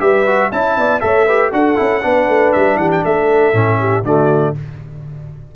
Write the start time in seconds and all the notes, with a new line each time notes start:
0.00 G3 G4 B4 E5
0.26 F#4
0.52 C#4 E4 E5 A5
0.77 B3 D5
1.00 A3 A4 C#5 E5
1.26 G4 B4
1.52 D4 F#4 A4 F#5
1.76 C#4 E4
2.02 B3 D4 B4
2.29 A3
2.53 G3 E5
2.76 E3 G4 F#5
2.91 G5
3.04 A3 A4 E5
3.53 A2 C#4
3.80 G4
4.03 D3 A3 F#4 D5